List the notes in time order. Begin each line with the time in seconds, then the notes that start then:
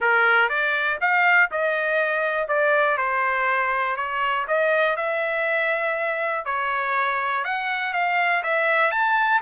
0.00 A#4
0.49 D5
1.00 F5
1.51 D#5
2.48 D5
2.97 C5
3.96 C#5
4.47 D#5
4.96 E5
6.45 C#5
7.44 F#5
7.93 F5
8.43 E5
8.91 A5